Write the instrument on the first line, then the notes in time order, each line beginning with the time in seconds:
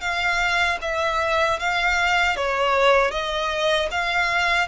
violin
0.00 F5
0.81 E5
1.59 F5
2.36 C#5
3.11 D#5
3.91 F5